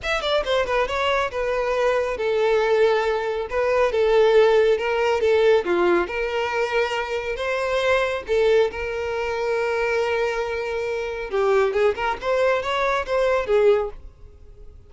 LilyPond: \new Staff \with { instrumentName = "violin" } { \time 4/4 \tempo 4 = 138 e''8 d''8 c''8 b'8 cis''4 b'4~ | b'4 a'2. | b'4 a'2 ais'4 | a'4 f'4 ais'2~ |
ais'4 c''2 a'4 | ais'1~ | ais'2 g'4 gis'8 ais'8 | c''4 cis''4 c''4 gis'4 | }